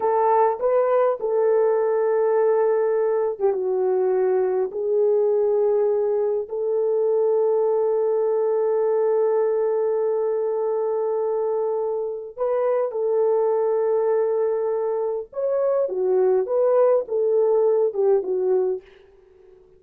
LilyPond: \new Staff \with { instrumentName = "horn" } { \time 4/4 \tempo 4 = 102 a'4 b'4 a'2~ | a'4.~ a'16 g'16 fis'2 | gis'2. a'4~ | a'1~ |
a'1~ | a'4 b'4 a'2~ | a'2 cis''4 fis'4 | b'4 a'4. g'8 fis'4 | }